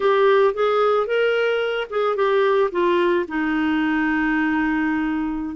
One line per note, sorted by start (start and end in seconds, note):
0.00 0.54 G4
0.54 1.06 G#4
1.06 1.87 A#4
1.89 2.16 G#4
2.16 2.70 G4
2.71 3.26 F4
3.28 5.55 D#4